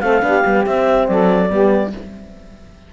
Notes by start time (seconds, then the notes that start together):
0.00 A3 C4 A4 F5
0.21 B3 D4 G4
0.44 G3 B3
0.63 C4 E5
1.07 F#3 A4 D5
1.48 G3 B3 G4